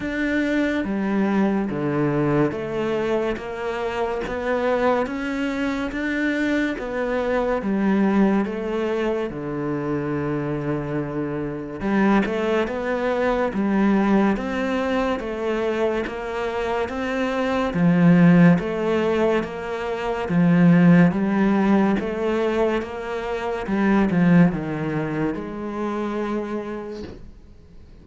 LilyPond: \new Staff \with { instrumentName = "cello" } { \time 4/4 \tempo 4 = 71 d'4 g4 d4 a4 | ais4 b4 cis'4 d'4 | b4 g4 a4 d4~ | d2 g8 a8 b4 |
g4 c'4 a4 ais4 | c'4 f4 a4 ais4 | f4 g4 a4 ais4 | g8 f8 dis4 gis2 | }